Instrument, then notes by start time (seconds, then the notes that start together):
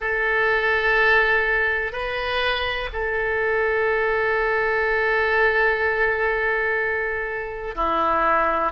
oboe
0.00 A4
1.92 B4
2.93 A4
7.75 E4